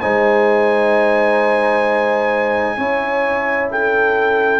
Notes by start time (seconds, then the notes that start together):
0.00 G#3 D#4 C5 G#5
2.77 C#4 E4 C#5
3.71 A4 G5